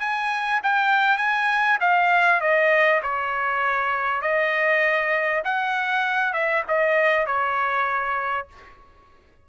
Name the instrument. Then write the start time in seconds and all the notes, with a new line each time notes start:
trumpet
0.00 G#5
0.63 G5
1.18 G#5
1.80 F5
2.41 D#5
3.02 C#5
4.22 D#5
5.45 F#5
6.33 E5
6.68 D#5
7.26 C#5